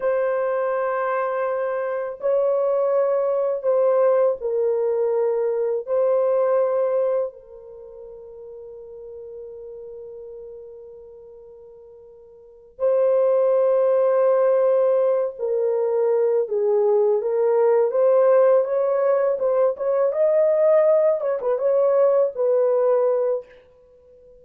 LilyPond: \new Staff \with { instrumentName = "horn" } { \time 4/4 \tempo 4 = 82 c''2. cis''4~ | cis''4 c''4 ais'2 | c''2 ais'2~ | ais'1~ |
ais'4. c''2~ c''8~ | c''4 ais'4. gis'4 ais'8~ | ais'8 c''4 cis''4 c''8 cis''8 dis''8~ | dis''4 cis''16 b'16 cis''4 b'4. | }